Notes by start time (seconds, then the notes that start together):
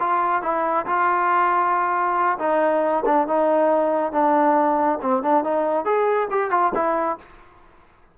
0.00 F4
0.42 E4
0.86 F4
2.39 D#4
3.06 D4
3.27 D#4
4.12 D4
5.02 C4
5.23 D4
5.44 D#4
5.85 G#4
6.31 G4
6.51 F4
6.75 E4